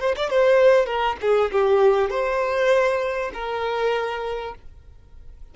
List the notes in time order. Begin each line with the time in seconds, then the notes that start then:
0.00 C5
0.17 D5
0.30 C5
0.86 A#4
1.21 G#4
1.52 G4
2.10 C5
3.34 A#4